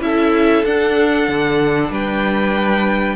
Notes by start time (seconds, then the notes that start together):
0.00 C#4 E4 A4 E5
0.65 D4 F#5
1.28 D3
1.90 G3 B4 G5